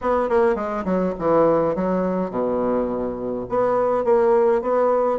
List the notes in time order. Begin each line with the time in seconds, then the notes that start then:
0.01 B3
0.29 A#3
0.55 G#3
0.84 F#3
1.18 E3
1.75 F#3
2.30 B2
3.49 B3
4.04 A#3
4.61 B3